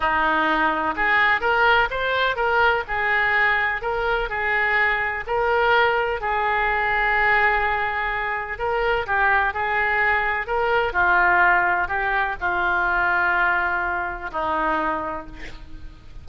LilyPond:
\new Staff \with { instrumentName = "oboe" } { \time 4/4 \tempo 4 = 126 dis'2 gis'4 ais'4 | c''4 ais'4 gis'2 | ais'4 gis'2 ais'4~ | ais'4 gis'2.~ |
gis'2 ais'4 g'4 | gis'2 ais'4 f'4~ | f'4 g'4 f'2~ | f'2 dis'2 | }